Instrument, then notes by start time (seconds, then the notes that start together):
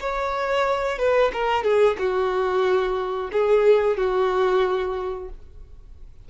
violin
0.00 C#5
0.98 B4
1.33 A#4
1.63 G#4
1.98 F#4
3.32 G#4
3.97 F#4